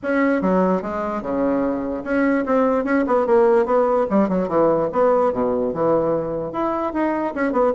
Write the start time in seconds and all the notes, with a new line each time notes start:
0.02 C#4
0.41 F#3
0.82 G#3
1.21 C#3
2.04 C#4
2.45 C4
2.84 C#4
3.06 B3
3.26 A#3
3.65 B3
4.10 G3
4.28 F#3
4.48 E3
4.92 B3
5.32 B2
5.73 E3
6.52 E4
6.93 D#4
7.35 C#4
7.52 B3